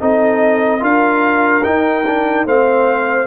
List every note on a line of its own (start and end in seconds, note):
0.00 0.82 C4
0.00 0.80 D#4
0.00 0.81 A4
0.00 0.84 D#5
0.80 1.64 D4
0.80 1.62 F4
0.80 2.46 A#4
0.80 1.64 F5
1.64 2.05 D#4
1.64 2.45 D#4
1.64 2.46 G5
2.06 2.47 D4
2.45 3.27 A3
2.45 3.27 C4
2.45 3.27 C5
2.45 3.27 F5